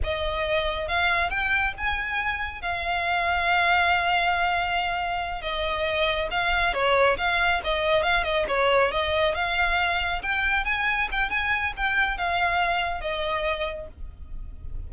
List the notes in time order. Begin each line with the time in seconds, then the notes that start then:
0.03 D#5
0.88 F5
1.30 G5
1.77 G#5
2.61 F5
5.41 D#5
6.30 F5
6.73 C#5
7.17 F5
7.64 D#5
8.02 F5
8.23 D#5
8.48 C#5
8.91 D#5
9.35 F5
10.22 G5
10.65 G#5
11.11 G5
11.29 G#5
11.76 G5
12.17 F5
13.00 D#5